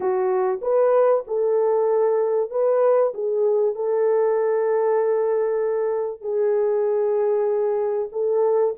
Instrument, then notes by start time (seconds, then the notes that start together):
horn
0.00 F#4
0.61 B4
1.27 A4
2.50 B4
3.14 G#4
3.75 A4
6.21 G#4
8.12 A4